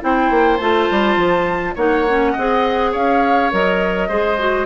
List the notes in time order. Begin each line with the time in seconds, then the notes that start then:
0.00 C4 E4 C5 G5
0.30 A#3
0.57 A3 F4 A5
0.90 G3
1.16 F3
1.75 A#3 D#4 C#5 F#5
2.08 C#4
2.32 C4 G#4 D#5
2.91 C#4 C#5 F5
3.51 F#3 A#4 D#5
4.08 G#3 G#4 C5
4.38 F#4